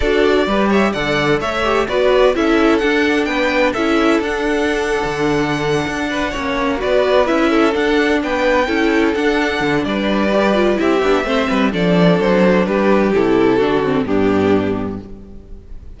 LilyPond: <<
  \new Staff \with { instrumentName = "violin" } { \time 4/4 \tempo 4 = 128 d''4. e''8 fis''4 e''4 | d''4 e''4 fis''4 g''4 | e''4 fis''2.~ | fis''2~ fis''8 d''4 e''8~ |
e''8 fis''4 g''2 fis''8~ | fis''4 d''2 e''4~ | e''4 d''4 c''4 b'4 | a'2 g'2 | }
  \new Staff \with { instrumentName = "violin" } { \time 4/4 a'4 b'8 cis''8 d''4 cis''4 | b'4 a'2 b'4 | a'1~ | a'4 b'8 cis''4 b'4. |
a'4. b'4 a'4.~ | a'4 b'2 g'4 | c''8 b'8 a'2 g'4~ | g'4 fis'4 d'2 | }
  \new Staff \with { instrumentName = "viola" } { \time 4/4 fis'4 g'4 a'4. g'8 | fis'4 e'4 d'2 | e'4 d'2.~ | d'4. cis'4 fis'4 e'8~ |
e'8 d'2 e'4 d'8~ | d'2 g'8 f'8 e'8 d'8 | c'4 d'2. | e'4 d'8 c'8 b2 | }
  \new Staff \with { instrumentName = "cello" } { \time 4/4 d'4 g4 d4 a4 | b4 cis'4 d'4 b4 | cis'4 d'4.~ d'16 d4~ d16~ | d8 d'4 ais4 b4 cis'8~ |
cis'8 d'4 b4 cis'4 d'8~ | d'8 d8 g2 c'8 b8 | a8 g8 f4 fis4 g4 | c4 d4 g,2 | }
>>